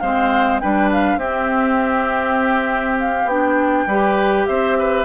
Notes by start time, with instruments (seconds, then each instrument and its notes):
0.00 bassoon G#3, clarinet C4, oboe C5, flute F5
0.60 bassoon G3, clarinet D4, oboe B4, flute G5
0.92 flute F5
1.16 bassoon C4, clarinet C4, oboe G4, flute E5
2.99 flute F5
3.25 bassoon B3, clarinet D4, flute G5
3.86 bassoon G3, clarinet G4, oboe B4
4.46 bassoon C4, oboe C5, flute E5
4.79 oboe B4